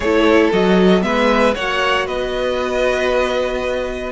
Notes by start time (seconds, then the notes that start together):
0.00 A3 E4 A4 C#5
0.52 F#3 F#4 D#5
1.01 G#3 B3 B4 E5
1.54 A#3 F#4 C#5 F#5
2.05 B3 B4 D#5